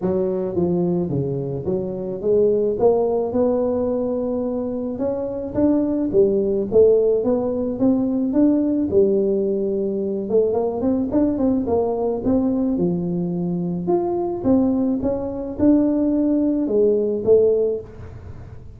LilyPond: \new Staff \with { instrumentName = "tuba" } { \time 4/4 \tempo 4 = 108 fis4 f4 cis4 fis4 | gis4 ais4 b2~ | b4 cis'4 d'4 g4 | a4 b4 c'4 d'4 |
g2~ g8 a8 ais8 c'8 | d'8 c'8 ais4 c'4 f4~ | f4 f'4 c'4 cis'4 | d'2 gis4 a4 | }